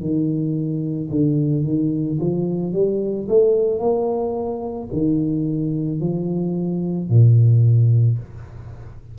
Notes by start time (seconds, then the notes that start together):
0.00 D#3
1.10 D3
1.64 D#3
2.20 F3
2.73 G3
3.28 A3
3.80 A#3
4.92 D#3
6.00 F3
7.09 A#2